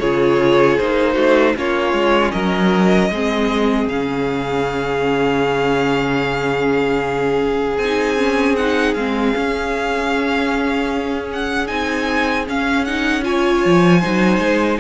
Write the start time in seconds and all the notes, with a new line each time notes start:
0.00 C#3 F4 G#4 C#5
0.78 A#3 D#4 C5
1.14 A3 F#4
1.56 A#3 C#4 F4 C#5
1.93 G#3
2.32 F#3 A#4 D#5
3.10 G#3 C4 G#4
3.87 C#3 C#4 F5
7.78 C4 G#5
7.84 D#4
8.18 C#4
8.57 D#4 F#5
8.95 G#3 C4 F5
9.35 C#4
11.33 F#5
11.67 C4 D#4 G#5
12.48 C#4 F5
12.85 D#4 F#5
13.23 F4 C#5 G#5
13.66 F3
14.01 F#3 D#4 C5
14.39 G#3